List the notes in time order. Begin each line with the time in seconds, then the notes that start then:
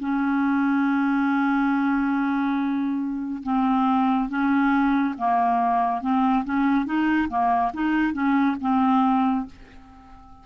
0.00 C#4
3.43 C4
4.29 C#4
5.18 A#3
6.02 C4
6.45 C#4
6.85 D#4
7.29 A#3
7.74 D#4
8.14 C#4
8.61 C4